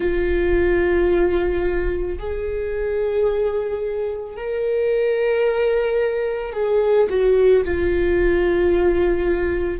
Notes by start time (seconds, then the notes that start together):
0.00 F4
2.18 G#4
4.36 A#4
6.53 G#4
7.09 F#4
7.64 F4